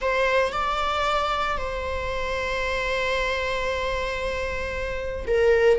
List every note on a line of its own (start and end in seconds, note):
0.01 0.52 C5
0.52 1.57 D5
1.57 5.26 C5
5.27 5.79 A#4